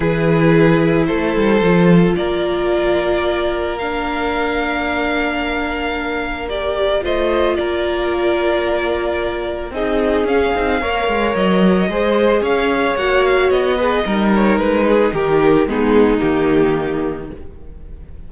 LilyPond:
<<
  \new Staff \with { instrumentName = "violin" } { \time 4/4 \tempo 4 = 111 b'2 c''2 | d''2. f''4~ | f''1 | d''4 dis''4 d''2~ |
d''2 dis''4 f''4~ | f''4 dis''2 f''4 | fis''8 f''8 dis''4. cis''8 b'4 | ais'4 gis'4 g'2 | }
  \new Staff \with { instrumentName = "violin" } { \time 4/4 gis'2 a'2 | ais'1~ | ais'1~ | ais'4 c''4 ais'2~ |
ais'2 gis'2 | cis''2 c''4 cis''4~ | cis''4. b'8 ais'4. gis'8 | g'4 dis'2. | }
  \new Staff \with { instrumentName = "viola" } { \time 4/4 e'2. f'4~ | f'2. d'4~ | d'1 | g'4 f'2.~ |
f'2 dis'4 cis'8 dis'8 | ais'2 gis'2 | fis'4. gis'8 dis'2~ | dis'4 b4 ais2 | }
  \new Staff \with { instrumentName = "cello" } { \time 4/4 e2 a8 g8 f4 | ais1~ | ais1~ | ais4 a4 ais2~ |
ais2 c'4 cis'8 c'8 | ais8 gis8 fis4 gis4 cis'4 | ais4 b4 g4 gis4 | dis4 gis4 dis2 | }
>>